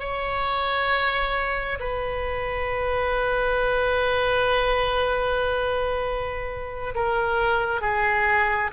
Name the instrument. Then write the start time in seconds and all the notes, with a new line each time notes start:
oboe
0.00 C#5
1.80 B4
6.95 A#4
7.82 G#4